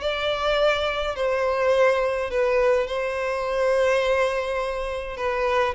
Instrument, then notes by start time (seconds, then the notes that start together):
violin
0.00 D5
1.15 C5
2.30 B4
2.87 C5
5.16 B4